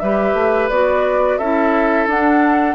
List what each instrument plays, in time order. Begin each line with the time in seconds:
0.00 bassoon G3, clarinet G4, oboe B4, flute E5
0.34 bassoon A3
0.69 bassoon B3, clarinet F#4, flute D5
1.38 bassoon C#4, clarinet E4, oboe A4, flute E5
2.07 bassoon D4, clarinet D4, flute F#5